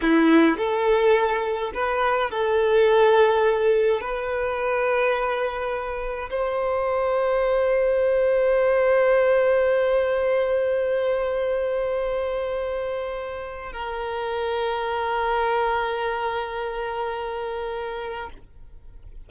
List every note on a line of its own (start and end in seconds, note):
0.01 0.57 E4
0.57 1.71 A4
1.74 2.31 B4
2.31 4.01 A4
4.01 6.29 B4
6.29 13.72 C5
13.72 18.29 A#4